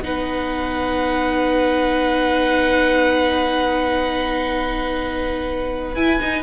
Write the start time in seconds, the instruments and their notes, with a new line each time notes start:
0.00 cello B3, viola D#4, violin B4 F#5
5.95 cello E4, viola E4, violin G#5
6.20 viola D#4, cello D#4